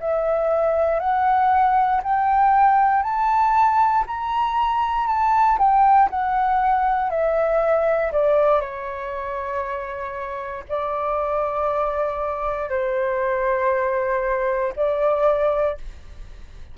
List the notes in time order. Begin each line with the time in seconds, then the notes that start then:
0.00 E5
0.99 F#5
2.03 G5
3.02 A5
4.06 A#5
5.07 A5
5.58 G5
6.10 F#5
7.10 E5
8.12 D5
8.60 C#5
10.68 D5
12.69 C5
14.75 D5